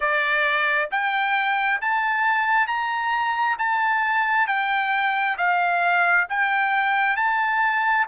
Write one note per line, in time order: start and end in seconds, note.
0.00 0.89 D5
0.91 1.80 G5
1.81 2.67 A5
2.67 3.57 A#5
3.58 4.47 A5
4.47 5.36 G5
5.37 6.27 F5
6.29 7.16 G5
7.16 8.06 A5